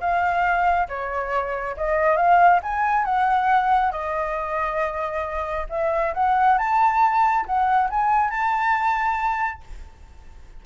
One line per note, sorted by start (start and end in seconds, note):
0.00 0.88 F5
0.88 1.76 C#5
1.77 2.16 D#5
2.16 2.60 F5
2.63 3.05 G#5
3.05 3.92 F#5
3.92 5.67 D#5
5.70 6.13 E5
6.14 6.58 F#5
6.58 7.46 A5
7.46 7.90 F#5
7.90 8.30 G#5
8.30 9.61 A5